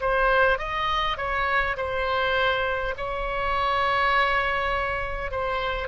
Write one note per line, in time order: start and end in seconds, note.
0.00 0.58 C5
0.58 1.17 D#5
1.17 1.76 C#5
1.76 2.94 C5
2.97 5.31 C#5
5.31 5.88 C5